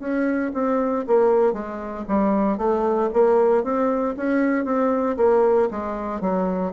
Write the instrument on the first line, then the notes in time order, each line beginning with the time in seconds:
bassoon
0.00 C#4
0.54 C4
1.07 A#3
1.53 G#3
2.08 G3
2.58 A3
3.14 A#3
3.63 C4
4.17 C#4
4.65 C4
5.17 A#3
5.71 G#3
6.21 F#3